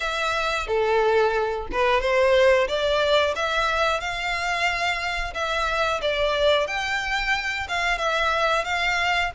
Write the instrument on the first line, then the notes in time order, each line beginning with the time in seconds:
violin
0.00 E5
0.67 A4
1.72 B4
2.01 C5
2.68 D5
3.35 E5
4.00 F5
5.34 E5
6.01 D5
6.67 G5
7.68 F5
7.98 E5
8.64 F5